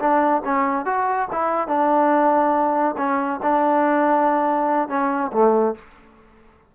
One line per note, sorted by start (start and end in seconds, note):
0.00 0.43 D4
0.45 0.86 C#4
0.86 1.29 F#4
1.33 1.68 E4
1.68 2.96 D4
2.98 3.41 C#4
3.43 4.89 D4
4.89 5.32 C#4
5.33 5.75 A3